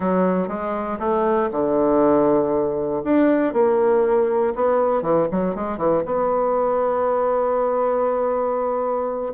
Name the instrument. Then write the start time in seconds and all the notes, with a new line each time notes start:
bassoon
0.00 F#3
0.47 G#3
0.99 A3
1.51 D3
3.04 D4
3.53 A#3
4.55 B3
5.02 E3
5.31 F#3
5.55 G#3
5.77 E3
6.05 B3